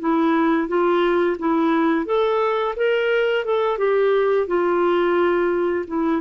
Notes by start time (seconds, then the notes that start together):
0.00 E4
0.68 F4
1.39 E4
2.06 A4
2.76 A#4
3.45 A4
3.78 G4
4.47 F4
5.87 E4